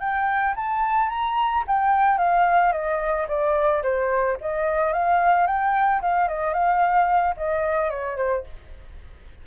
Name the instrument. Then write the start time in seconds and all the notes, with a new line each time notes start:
flute
0.00 G5
0.56 A5
1.10 A#5
1.67 G5
2.18 F5
2.72 D#5
3.28 D5
3.83 C5
4.41 D#5
4.93 F5
5.47 G5
6.02 F5
6.28 D#5
6.54 F5
7.37 D#5
7.90 C#5
8.17 C5